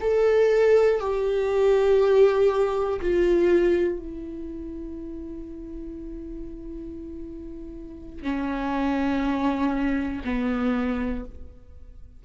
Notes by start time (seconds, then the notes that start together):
0.00 A4
1.00 G4
3.01 F4
3.99 E4
8.22 C#4
10.24 B3